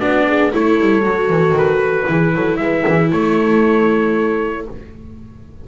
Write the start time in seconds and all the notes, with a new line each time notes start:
0.00 B3 D4 F#4 D5
0.28 G#4
0.53 A3 E4 A4 C#5
0.81 G3
1.02 F#3 F#4
1.30 E3
1.52 D#3
1.58 B4
2.07 E3 E4 G#4
2.35 F#3 A4
2.57 G#3 B4 E5
2.86 E3 G#4
3.11 A3 A4 C#5